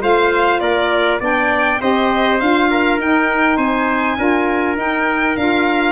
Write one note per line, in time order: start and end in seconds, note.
0.00 0.61 A3
0.00 1.19 F4
0.00 0.61 C5
0.00 0.61 F5
0.61 1.20 A#3
0.61 1.20 A#4
0.61 1.20 D5
1.20 1.80 B3
1.20 1.80 D4
1.20 1.80 D5
1.20 1.82 G5
1.80 2.41 C4
1.80 2.40 G4
1.80 2.70 C5
1.80 2.40 D#5
2.40 2.99 D4
2.40 3.00 F4
2.40 3.00 F5
2.71 3.57 A#4
2.99 3.58 D#4
2.99 4.19 D#4
2.99 3.58 G5
3.57 4.17 C4
3.57 4.17 C5
3.57 4.77 G#5
4.18 4.77 D4
4.18 4.76 F4
4.18 5.92 A#4
4.76 5.36 D#4
4.76 5.37 D#4
4.76 5.37 G5
5.37 5.92 D4
5.37 5.92 F4
5.37 5.92 F5